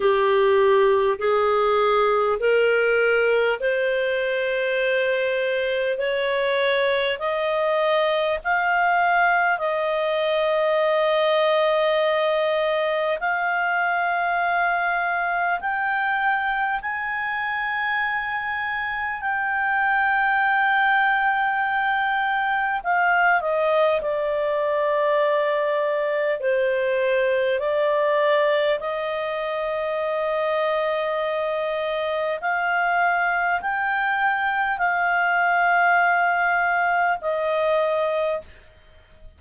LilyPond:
\new Staff \with { instrumentName = "clarinet" } { \time 4/4 \tempo 4 = 50 g'4 gis'4 ais'4 c''4~ | c''4 cis''4 dis''4 f''4 | dis''2. f''4~ | f''4 g''4 gis''2 |
g''2. f''8 dis''8 | d''2 c''4 d''4 | dis''2. f''4 | g''4 f''2 dis''4 | }